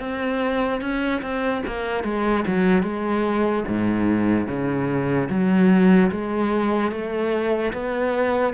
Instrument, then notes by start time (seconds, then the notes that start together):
cello
0.00 C4
0.81 C#4
1.22 C4
1.67 A#3
2.04 G#3
2.47 F#3
2.83 G#3
3.68 G#2
4.48 C#3
5.30 F#3
6.11 G#3
6.91 A3
7.73 B3